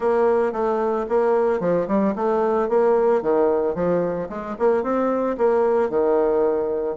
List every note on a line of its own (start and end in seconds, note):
0.00 0.52 A#3
0.52 1.06 A3
1.09 1.59 A#3
1.59 1.86 F3
1.87 2.14 G3
2.15 2.68 A3
2.68 3.22 A#3
3.22 3.75 D#3
3.75 4.28 F3
4.29 4.56 G#3
4.58 4.83 A#3
4.83 5.36 C4
5.37 5.89 A#3
5.89 6.96 D#3